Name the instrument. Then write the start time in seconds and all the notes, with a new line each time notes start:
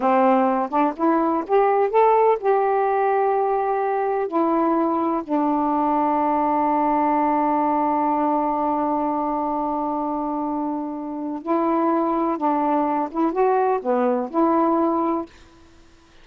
saxophone
0.00 C4
0.69 D4
0.96 E4
1.47 G4
1.90 A4
2.39 G4
4.27 E4
5.23 D4
11.42 E4
12.37 D4
13.11 E4
13.32 F#4
13.82 B3
14.30 E4